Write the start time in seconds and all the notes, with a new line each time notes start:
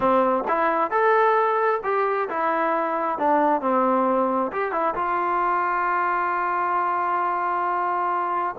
0.00 C4
0.48 E4
0.90 A4
1.83 G4
2.29 E4
3.18 D4
3.61 C4
4.51 G4
4.71 E4
4.94 F4